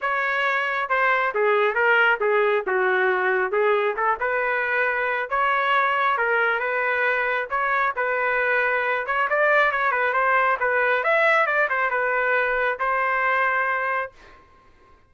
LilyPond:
\new Staff \with { instrumentName = "trumpet" } { \time 4/4 \tempo 4 = 136 cis''2 c''4 gis'4 | ais'4 gis'4 fis'2 | gis'4 a'8 b'2~ b'8 | cis''2 ais'4 b'4~ |
b'4 cis''4 b'2~ | b'8 cis''8 d''4 cis''8 b'8 c''4 | b'4 e''4 d''8 c''8 b'4~ | b'4 c''2. | }